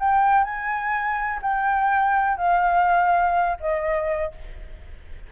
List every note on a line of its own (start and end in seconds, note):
0.00 0.45 G5
0.45 1.41 G#5
1.42 2.38 G5
2.38 3.58 F5
3.61 4.33 D#5